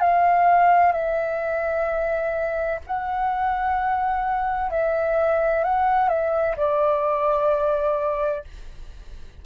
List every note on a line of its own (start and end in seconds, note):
0.00 0.92 F5
0.92 2.80 E5
2.86 4.70 F#5
4.70 5.64 E5
5.64 6.09 F#5
6.09 6.55 E5
6.57 8.44 D5